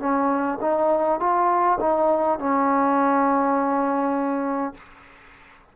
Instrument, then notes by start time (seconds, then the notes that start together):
trombone
0.00 C#4
0.61 D#4
1.20 F4
1.80 D#4
2.39 C#4